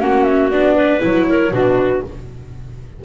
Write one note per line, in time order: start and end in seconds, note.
0.00 0.51 A#3
0.00 0.51 C#4
0.00 0.75 F#4
0.00 0.24 F#5
0.24 0.49 E5
0.51 1.02 B3
0.51 1.00 D4
0.51 1.01 D5
0.75 1.26 B4
1.00 1.52 F#3
1.00 1.51 E4
1.00 1.54 C#5
1.30 1.53 A#4
1.52 2.03 B2
1.52 2.05 D4
1.52 2.04 F#4
1.52 2.05 B4